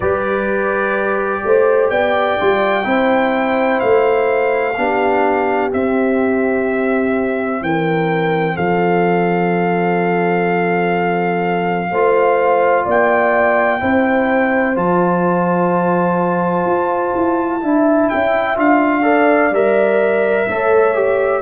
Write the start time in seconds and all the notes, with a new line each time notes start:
0.00 G3 G4 B4 D5
1.44 A3 C5
1.90 B3 D5 G5
2.39 G3 F4
2.83 C4 E4 C5
3.80 A3 F5
4.77 B3 D4 G4
5.71 C4 E5
7.61 E3 A#4 G5
8.55 F3 A4 F5
11.90 A3 F4 C5
12.85 A#3 D5 G5
13.79 C4 E4 C5
14.75 F3 F4 A5
16.65 F4
17.15 E4
17.61 D4 E4 E5
18.09 C#4 G5
18.55 D4 F4 F5
19.02 A4 D5
19.51 G3 A#4 E5
20.48 A3 A4 C#5
20.94 G4